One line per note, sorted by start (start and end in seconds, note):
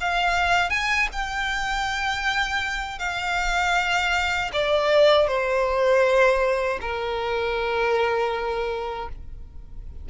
0.00 0.70 F5
0.70 1.08 G#5
1.12 2.99 G5
2.99 4.51 F5
4.53 5.27 D5
5.27 6.79 C5
6.81 9.09 A#4